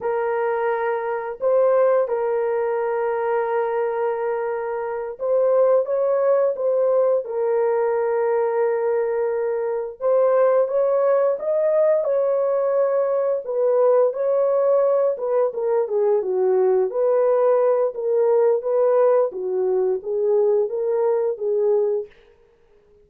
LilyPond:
\new Staff \with { instrumentName = "horn" } { \time 4/4 \tempo 4 = 87 ais'2 c''4 ais'4~ | ais'2.~ ais'8 c''8~ | c''8 cis''4 c''4 ais'4.~ | ais'2~ ais'8 c''4 cis''8~ |
cis''8 dis''4 cis''2 b'8~ | b'8 cis''4. b'8 ais'8 gis'8 fis'8~ | fis'8 b'4. ais'4 b'4 | fis'4 gis'4 ais'4 gis'4 | }